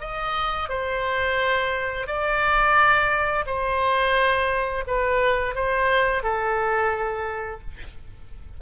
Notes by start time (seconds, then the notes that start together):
0.00 D#5
0.69 C5
2.07 D5
3.46 C5
4.87 B4
5.55 C5
6.23 A4